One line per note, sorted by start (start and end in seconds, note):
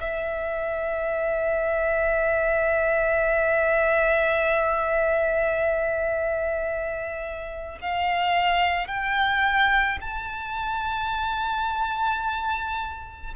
0.00 7.78 E5
7.81 8.87 F5
8.87 9.98 G5
10.01 13.34 A5